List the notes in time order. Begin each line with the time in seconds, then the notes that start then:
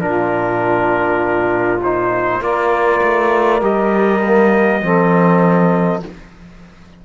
0.00 A#2 D4 F4 A#4
1.83 D#4 C5
2.41 A#3 F4 A#4 D5
3.03 A3
3.62 G3 G4 D#5
4.25 A#3
4.83 F3 C4 A4